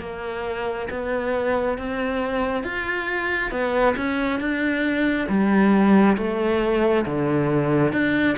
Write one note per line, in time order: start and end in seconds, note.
0.00 0.88 A#3
0.90 1.78 B3
1.78 2.64 C4
2.64 3.51 F4
3.51 3.95 B3
3.97 4.40 C#4
4.40 5.28 D4
5.29 6.17 G3
6.17 7.05 A3
7.06 7.93 D3
7.93 8.37 D4